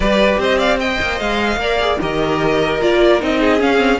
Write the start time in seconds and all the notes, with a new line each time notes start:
0.00 G3 G4 B4 D5
0.38 C4 C5 D#5
0.58 D5 F5
0.79 C5 D#5 G5
1.01 A#3
1.19 G#3 F5
1.56 A#3 A#4 D5
1.80 G#4
1.99 D#3 G4 A#4 D#5
2.80 A#3 F4 D5
3.20 C4 D#4 D#5
3.39 G#4
3.59 C#4 F5
3.76 C4